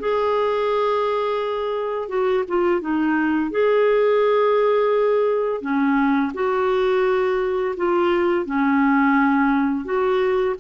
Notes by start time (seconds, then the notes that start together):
0.00 G#4
2.09 F#4
2.48 F4
2.81 D#4
3.51 G#4
5.62 C#4
6.34 F#4
7.77 F4
8.46 C#4
9.85 F#4